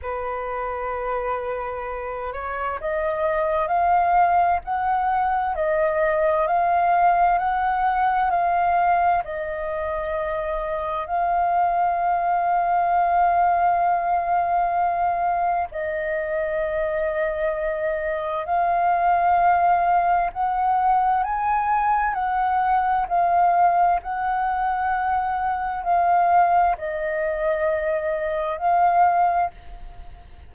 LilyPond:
\new Staff \with { instrumentName = "flute" } { \time 4/4 \tempo 4 = 65 b'2~ b'8 cis''8 dis''4 | f''4 fis''4 dis''4 f''4 | fis''4 f''4 dis''2 | f''1~ |
f''4 dis''2. | f''2 fis''4 gis''4 | fis''4 f''4 fis''2 | f''4 dis''2 f''4 | }